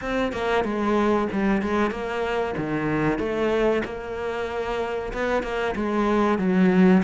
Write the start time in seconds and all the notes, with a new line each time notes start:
0.01 C4
0.32 A#3
0.64 G#3
1.31 G3
1.62 G#3
1.91 A#3
2.57 D#3
3.18 A3
3.85 A#3
5.13 B3
5.42 A#3
5.75 G#3
6.38 F#3